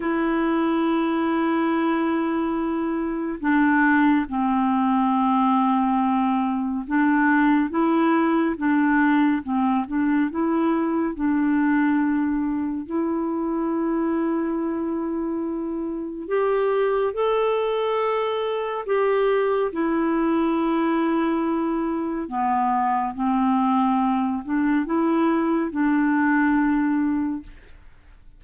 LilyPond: \new Staff \with { instrumentName = "clarinet" } { \time 4/4 \tempo 4 = 70 e'1 | d'4 c'2. | d'4 e'4 d'4 c'8 d'8 | e'4 d'2 e'4~ |
e'2. g'4 | a'2 g'4 e'4~ | e'2 b4 c'4~ | c'8 d'8 e'4 d'2 | }